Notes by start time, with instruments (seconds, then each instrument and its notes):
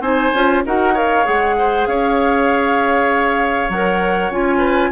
0.00 bassoon C4, clarinet D#4, oboe C5, flute G#5
0.34 bassoon C#4, clarinet F4
0.66 bassoon D#4, clarinet F#4, oboe A#4, flute F#5
0.94 clarinet A#4, oboe C#5, flute F5
1.25 bassoon G#3, clarinet G#4, flute F#5
1.59 oboe C5
1.87 bassoon C#4, oboe C#5, flute F5
3.69 bassoon F#3, clarinet A#4, flute F#5
4.30 bassoon C#4, clarinet F4, flute G#5
4.58 oboe B4